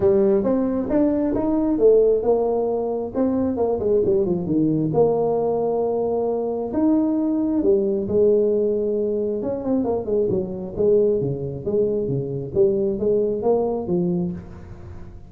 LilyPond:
\new Staff \with { instrumentName = "tuba" } { \time 4/4 \tempo 4 = 134 g4 c'4 d'4 dis'4 | a4 ais2 c'4 | ais8 gis8 g8 f8 dis4 ais4~ | ais2. dis'4~ |
dis'4 g4 gis2~ | gis4 cis'8 c'8 ais8 gis8 fis4 | gis4 cis4 gis4 cis4 | g4 gis4 ais4 f4 | }